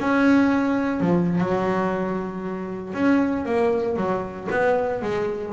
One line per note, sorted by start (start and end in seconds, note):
0.00 1.01 C#4
1.01 1.39 F3
1.39 2.94 F#3
2.94 3.45 C#4
3.45 3.97 A#3
3.97 4.48 F#3
4.51 5.02 B3
5.02 5.53 G#3